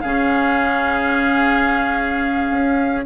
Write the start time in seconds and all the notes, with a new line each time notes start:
0.00 C#3 C#4 G#4 F5
2.50 C#4